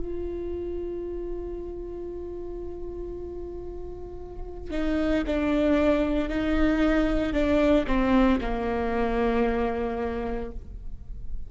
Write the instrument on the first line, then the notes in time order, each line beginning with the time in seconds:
viola
0.00 F4
4.71 D#4
5.27 D4
6.29 D#4
7.33 D4
7.87 C4
8.41 A#3